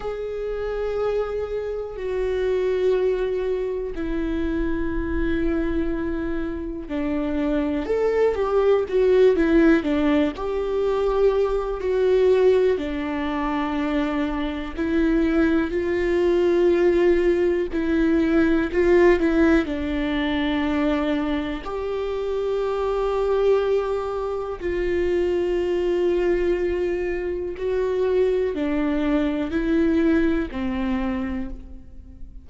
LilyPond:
\new Staff \with { instrumentName = "viola" } { \time 4/4 \tempo 4 = 61 gis'2 fis'2 | e'2. d'4 | a'8 g'8 fis'8 e'8 d'8 g'4. | fis'4 d'2 e'4 |
f'2 e'4 f'8 e'8 | d'2 g'2~ | g'4 f'2. | fis'4 d'4 e'4 c'4 | }